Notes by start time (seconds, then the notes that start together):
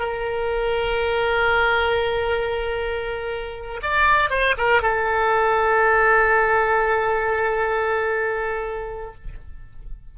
0.00 A#4
3.83 D5
4.30 C5
4.58 A#4
4.82 A4